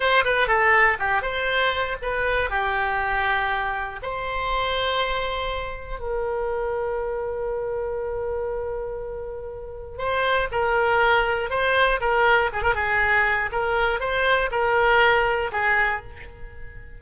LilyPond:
\new Staff \with { instrumentName = "oboe" } { \time 4/4 \tempo 4 = 120 c''8 b'8 a'4 g'8 c''4. | b'4 g'2. | c''1 | ais'1~ |
ais'1 | c''4 ais'2 c''4 | ais'4 gis'16 ais'16 gis'4. ais'4 | c''4 ais'2 gis'4 | }